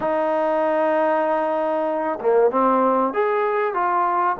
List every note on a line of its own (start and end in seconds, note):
0.00 2.19 D#4
2.20 2.51 A#3
2.51 3.13 C4
3.13 3.74 G#4
3.74 4.36 F4